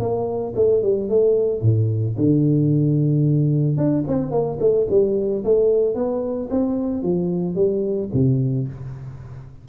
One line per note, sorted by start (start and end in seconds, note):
0.00 0.54 A#3
0.56 0.83 A3
0.83 1.09 G3
1.09 1.62 A3
1.62 2.16 A2
2.18 3.77 D3
3.77 4.04 D4
4.08 4.31 C4
4.31 4.58 A#3
4.60 4.87 A3
4.90 5.44 G3
5.45 5.95 A3
5.95 6.49 B3
6.51 7.03 C4
7.03 7.56 F3
7.56 8.10 G3
8.14 8.68 C3